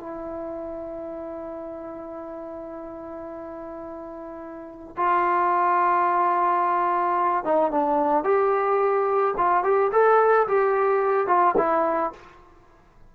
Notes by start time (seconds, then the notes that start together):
0.00 E4
4.96 F4
7.44 D#4
7.71 D4
8.24 G4
9.37 F4
9.64 G4
9.92 A4
10.47 G4
11.27 F4
11.57 E4